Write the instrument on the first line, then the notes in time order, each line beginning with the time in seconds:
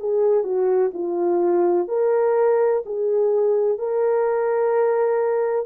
horn
0.00 G#4
0.44 F#4
0.94 F4
1.88 A#4
2.86 G#4
3.79 A#4